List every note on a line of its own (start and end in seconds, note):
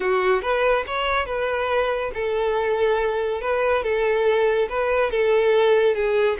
0.00 0.41 F#4
0.41 0.84 B4
0.86 1.26 C#5
1.26 2.11 B4
2.14 3.41 A4
3.41 3.83 B4
3.83 4.68 A4
4.69 5.11 B4
5.11 5.95 A4
5.95 6.37 G#4